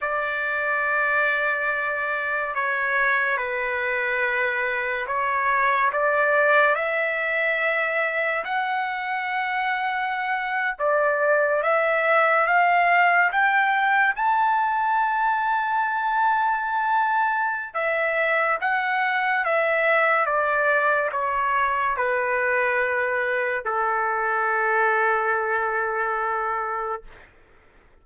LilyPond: \new Staff \with { instrumentName = "trumpet" } { \time 4/4 \tempo 4 = 71 d''2. cis''4 | b'2 cis''4 d''4 | e''2 fis''2~ | fis''8. d''4 e''4 f''4 g''16~ |
g''8. a''2.~ a''16~ | a''4 e''4 fis''4 e''4 | d''4 cis''4 b'2 | a'1 | }